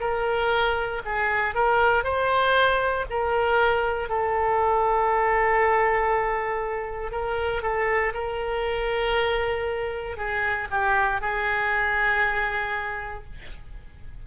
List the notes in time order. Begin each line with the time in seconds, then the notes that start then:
0.00 A#4
1.05 G#4
1.54 A#4
2.03 C5
3.09 A#4
4.09 A4
7.11 A#4
7.62 A4
8.14 A#4
10.16 G#4
10.70 G4
11.20 G#4